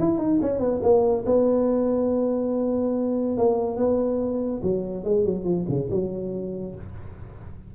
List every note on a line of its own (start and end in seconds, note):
0.00 0.19 E4
0.19 0.40 D#4
0.42 0.60 C#4
0.60 0.81 B3
0.83 1.25 A#3
1.26 3.38 B3
3.38 3.77 A#3
3.77 4.62 B3
4.63 5.05 F#3
5.05 5.25 G#3
5.25 5.45 F#3
5.45 5.66 F3
5.69 5.90 C#3
5.91 6.76 F#3